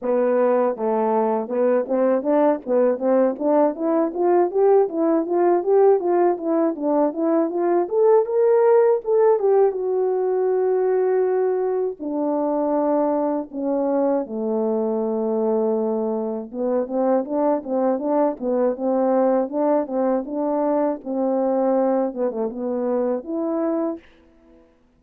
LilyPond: \new Staff \with { instrumentName = "horn" } { \time 4/4 \tempo 4 = 80 b4 a4 b8 c'8 d'8 b8 | c'8 d'8 e'8 f'8 g'8 e'8 f'8 g'8 | f'8 e'8 d'8 e'8 f'8 a'8 ais'4 | a'8 g'8 fis'2. |
d'2 cis'4 a4~ | a2 b8 c'8 d'8 c'8 | d'8 b8 c'4 d'8 c'8 d'4 | c'4. b16 a16 b4 e'4 | }